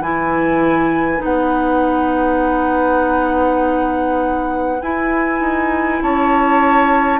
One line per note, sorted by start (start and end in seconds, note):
0.00 1.20 E3
0.00 1.18 E4
0.00 6.01 B4
0.00 1.23 G#5
1.18 4.78 D#4
1.24 4.82 B3
1.24 4.82 F#5
4.82 5.41 E4
4.82 7.20 E4
4.82 6.02 G#5
5.41 6.00 D#4
6.03 7.20 C#4
6.03 7.20 C#5
6.03 7.20 A5